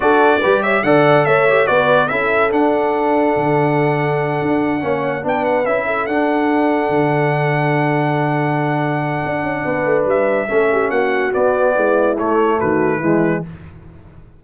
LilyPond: <<
  \new Staff \with { instrumentName = "trumpet" } { \time 4/4 \tempo 4 = 143 d''4. e''8 fis''4 e''4 | d''4 e''4 fis''2~ | fis''1~ | fis''8 g''8 fis''8 e''4 fis''4.~ |
fis''1~ | fis''1 | e''2 fis''4 d''4~ | d''4 cis''4 b'2 | }
  \new Staff \with { instrumentName = "horn" } { \time 4/4 a'4 b'8 cis''8 d''4 cis''4 | b'4 a'2.~ | a'2.~ a'8 cis''8~ | cis''8 b'4. a'2~ |
a'1~ | a'2. b'4~ | b'4 a'8 g'8 fis'2 | e'2 fis'4 e'4 | }
  \new Staff \with { instrumentName = "trombone" } { \time 4/4 fis'4 g'4 a'4. g'8 | fis'4 e'4 d'2~ | d'2.~ d'8 cis'8~ | cis'8 d'4 e'4 d'4.~ |
d'1~ | d'1~ | d'4 cis'2 b4~ | b4 a2 gis4 | }
  \new Staff \with { instrumentName = "tuba" } { \time 4/4 d'4 g4 d4 a4 | b4 cis'4 d'2 | d2~ d8 d'4 ais8~ | ais8 b4 cis'4 d'4.~ |
d'8 d2.~ d8~ | d2 d'8 cis'8 b8 a8 | g4 a4 ais4 b4 | gis4 a4 dis4 e4 | }
>>